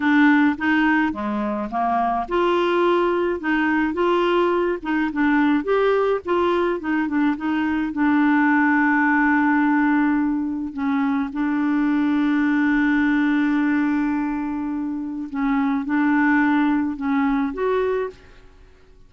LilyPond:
\new Staff \with { instrumentName = "clarinet" } { \time 4/4 \tempo 4 = 106 d'4 dis'4 gis4 ais4 | f'2 dis'4 f'4~ | f'8 dis'8 d'4 g'4 f'4 | dis'8 d'8 dis'4 d'2~ |
d'2. cis'4 | d'1~ | d'2. cis'4 | d'2 cis'4 fis'4 | }